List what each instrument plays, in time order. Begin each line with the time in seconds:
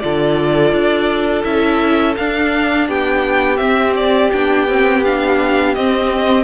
0.00 cello D3, viola F4, violin A4 D5
0.72 cello D4
1.44 cello C#4, viola E4, violin E5
2.17 viola D4, cello D4, violin F5
2.87 cello B3, violin G4 G5
3.57 viola C4, cello C4, violin E5
3.96 violin D5
4.32 cello B3, viola D4, violin G5
4.68 viola C4
5.04 viola D4, violin F5
5.75 viola C4, cello C4, violin D#5